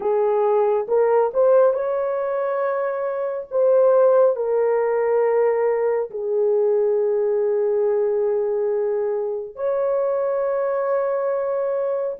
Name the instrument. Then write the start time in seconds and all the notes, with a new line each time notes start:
horn
0.00 G#4
0.87 A#4
1.33 C5
1.73 C#5
3.50 C5
4.36 A#4
6.10 G#4
9.55 C#5